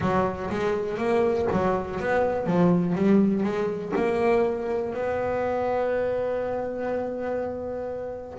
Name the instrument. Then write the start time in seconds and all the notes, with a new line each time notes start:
double bass
0.00 F#3
0.50 G#3
0.97 A#3
1.51 F#3
1.99 B3
2.46 F3
2.95 G3
3.42 G#3
3.95 A#3
4.94 B3